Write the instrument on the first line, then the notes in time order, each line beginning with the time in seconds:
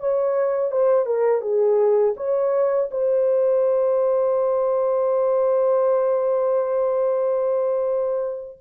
horn
0.00 C#5
0.72 C5
1.06 A#4
1.42 G#4
2.17 C#5
2.91 C5